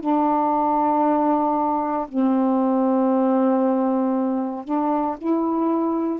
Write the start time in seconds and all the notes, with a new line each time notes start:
0.00 D4
2.08 C4
4.65 D4
5.18 E4